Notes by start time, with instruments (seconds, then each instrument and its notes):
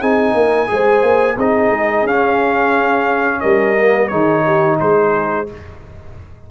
0.00 tuba C4, trombone D#4, horn G#4, trumpet G#5
0.34 tuba A#3, horn A#4
0.67 tuba G#3, trombone G#4, horn C5
1.02 tuba A#3
1.36 tuba C4, trombone D#4, horn G#4, trumpet D#5
1.71 tuba G#3
2.03 tuba C#4, trombone C#4, trumpet F5
3.40 tuba G3, horn A#4, trumpet D#5
3.79 trombone A#3
4.08 tuba D#3, trombone D#4, horn G#4, trumpet C#5
4.46 horn G4
4.80 tuba G#3, horn G#4, trumpet C5